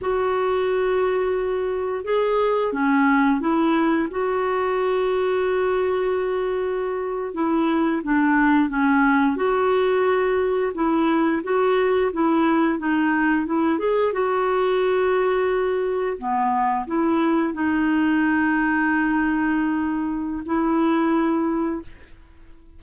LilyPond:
\new Staff \with { instrumentName = "clarinet" } { \time 4/4 \tempo 4 = 88 fis'2. gis'4 | cis'4 e'4 fis'2~ | fis'2~ fis'8. e'4 d'16~ | d'8. cis'4 fis'2 e'16~ |
e'8. fis'4 e'4 dis'4 e'16~ | e'16 gis'8 fis'2. b16~ | b8. e'4 dis'2~ dis'16~ | dis'2 e'2 | }